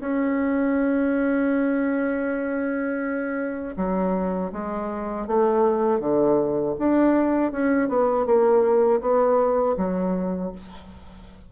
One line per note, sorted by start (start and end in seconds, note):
0.00 3.75 C#4
3.76 4.51 F#3
4.52 5.27 G#3
5.27 6.00 A3
6.00 6.75 D3
6.78 7.52 D4
7.52 7.89 C#4
7.89 8.26 B3
8.26 9.01 A#3
9.01 9.76 B3
9.77 10.52 F#3